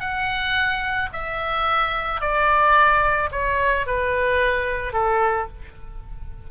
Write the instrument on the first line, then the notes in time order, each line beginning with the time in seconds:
oboe
0.00 F#5
1.13 E5
2.21 D5
3.32 C#5
3.86 B4
4.93 A4